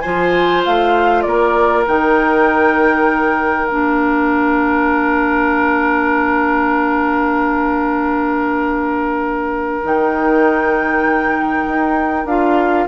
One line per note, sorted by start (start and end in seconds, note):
0.00 0.66 F3
0.00 1.86 F4
0.00 1.23 C5
0.00 0.61 G#5
0.65 1.25 A3
0.65 1.22 F5
1.22 1.86 A#3
1.22 12.87 A#4
1.22 1.83 D5
1.86 3.69 D#3
1.86 3.69 D#4
1.86 3.67 G5
3.67 9.82 A#3
3.67 9.81 D4
3.67 9.79 F5
9.82 11.67 D#3
9.82 12.27 D#4
9.82 12.27 G5
11.67 12.25 D#4
12.25 12.86 D4
12.25 12.87 F4
12.25 12.87 F5